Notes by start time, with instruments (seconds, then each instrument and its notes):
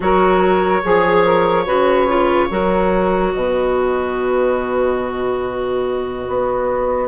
0.00 bassoon F#3, clarinet F#4, saxophone A#4, oboe C#5
0.82 bassoon F3, saxophone G#4, clarinet G#4
1.24 saxophone A#4
1.65 bassoon C#3, clarinet F#4, saxophone B4
2.07 clarinet F4
2.50 bassoon F#3, clarinet F#4, saxophone A#4
3.33 bassoon B2, saxophone B4, oboe D#5
6.28 bassoon B3